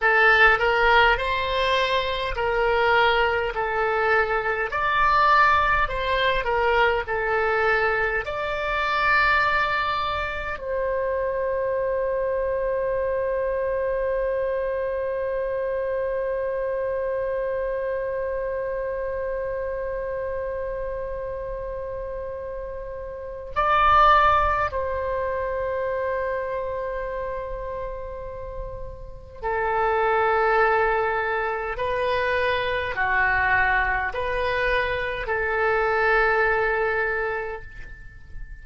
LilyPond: \new Staff \with { instrumentName = "oboe" } { \time 4/4 \tempo 4 = 51 a'8 ais'8 c''4 ais'4 a'4 | d''4 c''8 ais'8 a'4 d''4~ | d''4 c''2.~ | c''1~ |
c''1 | d''4 c''2.~ | c''4 a'2 b'4 | fis'4 b'4 a'2 | }